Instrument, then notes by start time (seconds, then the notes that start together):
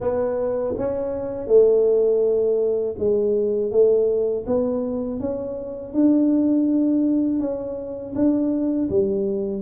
tuba
0.00 B3
0.77 C#4
1.47 A3
2.98 G#3
3.71 A3
4.46 B3
5.20 C#4
5.93 D4
7.39 C#4
8.15 D4
8.89 G3